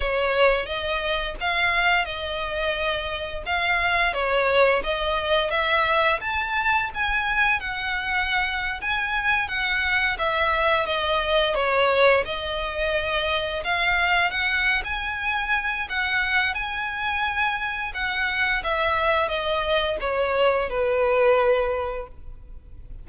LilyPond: \new Staff \with { instrumentName = "violin" } { \time 4/4 \tempo 4 = 87 cis''4 dis''4 f''4 dis''4~ | dis''4 f''4 cis''4 dis''4 | e''4 a''4 gis''4 fis''4~ | fis''8. gis''4 fis''4 e''4 dis''16~ |
dis''8. cis''4 dis''2 f''16~ | f''8. fis''8. gis''4. fis''4 | gis''2 fis''4 e''4 | dis''4 cis''4 b'2 | }